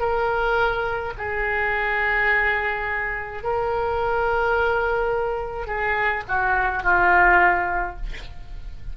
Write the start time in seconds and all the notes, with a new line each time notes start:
0.00 A#4
1.18 G#4
3.44 A#4
5.67 G#4
6.28 F#4
6.84 F4